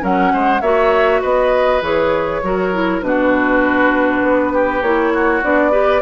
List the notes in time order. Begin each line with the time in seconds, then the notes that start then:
0.00 F#3 C#4 A#4 F#5
0.33 G#3 C5
0.61 A#3 F#4 C#5 E5
1.21 B3 B4 D#5
1.81 E3 G#4 C#5
2.43 F#3 F#4 A#4
2.73 E4
3.02 B2 D4 F#4 B4
4.22 B3
4.53 G4
4.82 A#3 E4 C#5
5.13 F#4
5.43 B3 D4 D5
5.72 G4 B4